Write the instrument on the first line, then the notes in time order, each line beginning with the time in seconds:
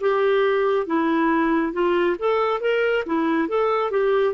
clarinet
0.00 G4
0.86 E4
1.73 F4
2.19 A4
2.60 A#4
3.06 E4
3.48 A4
3.91 G4